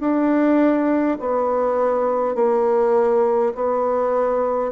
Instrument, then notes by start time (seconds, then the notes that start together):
bassoon
0.00 D4
1.19 B3
2.35 A#3
3.55 B3